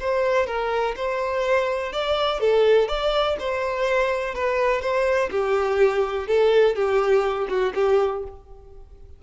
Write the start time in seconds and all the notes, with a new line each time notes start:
0.00 C5
0.47 A#4
0.96 C5
1.93 D5
2.40 A4
2.88 D5
3.40 C5
4.35 B4
4.82 C5
5.31 G4
6.28 A4
6.75 G4
7.49 F#4
7.75 G4